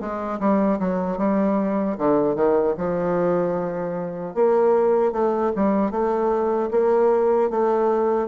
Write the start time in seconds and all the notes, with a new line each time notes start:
0.00 G#3
0.39 G3
0.79 F#3
1.18 G3
1.98 D3
2.35 D#3
2.77 F3
4.35 A#3
5.12 A3
5.56 G3
5.91 A3
6.71 A#3
7.50 A3